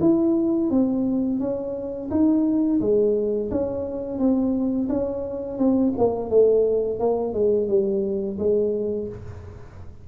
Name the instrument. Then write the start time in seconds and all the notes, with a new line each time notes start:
tuba
0.00 E4
0.70 C4
1.40 C#4
2.10 D#4
2.80 G#3
3.50 C#4
4.18 C4
4.89 C#4
5.58 C4
5.97 A#3
6.29 A3
6.99 A#3
7.33 G#3
7.68 G3
8.38 G#3